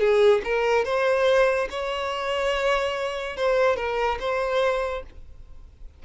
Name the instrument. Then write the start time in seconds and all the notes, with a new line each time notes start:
violin
0.00 G#4
0.44 A#4
0.85 C5
1.70 C#5
3.37 C5
3.77 A#4
4.20 C5